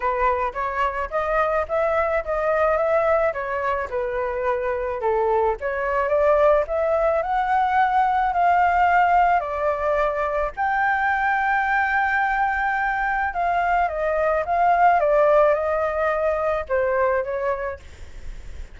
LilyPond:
\new Staff \with { instrumentName = "flute" } { \time 4/4 \tempo 4 = 108 b'4 cis''4 dis''4 e''4 | dis''4 e''4 cis''4 b'4~ | b'4 a'4 cis''4 d''4 | e''4 fis''2 f''4~ |
f''4 d''2 g''4~ | g''1 | f''4 dis''4 f''4 d''4 | dis''2 c''4 cis''4 | }